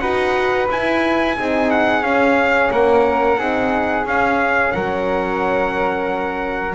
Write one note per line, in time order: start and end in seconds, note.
0.00 0.69 D#4
0.00 0.69 F#4
0.00 1.36 B4
0.00 0.67 F#5
0.71 1.38 E4
0.71 1.37 E4
0.71 1.71 G#5
1.37 2.02 C4
1.37 2.04 D#4
1.37 2.73 G#4
1.71 2.04 F#5
2.02 2.70 C#4
2.02 3.38 C#4
2.02 2.71 F5
2.71 3.38 A#3
2.71 3.38 A#4
2.71 4.07 F#5
3.38 4.05 C4
3.38 4.06 D#4
3.38 4.73 G#4
4.05 4.73 C#4
4.05 6.75 C#4
4.05 4.73 F5
4.73 6.75 F#3
4.73 6.75 A#4
4.73 6.75 F#5